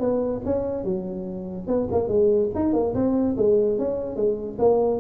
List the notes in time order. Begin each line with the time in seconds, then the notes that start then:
0.00 B3
0.46 C#4
0.84 F#3
1.68 B3
1.92 A#3
2.09 G#3
2.55 D#4
2.74 A#3
2.95 C4
3.37 G#3
3.79 C#4
4.16 G#3
4.59 A#3